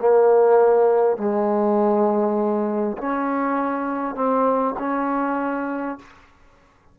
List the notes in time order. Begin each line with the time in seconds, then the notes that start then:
0.00 A#3
1.17 G#3
2.98 C#4
4.16 C4
4.79 C#4